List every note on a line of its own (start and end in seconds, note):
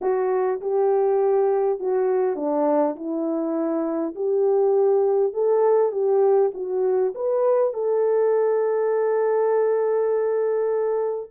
0.01 0.60 F#4
0.60 1.79 G4
1.79 2.36 F#4
2.36 2.95 D4
2.95 4.14 E4
4.15 5.33 G4
5.33 5.92 A4
5.92 6.51 G4
6.54 7.13 F#4
7.14 7.73 B4
7.73 11.30 A4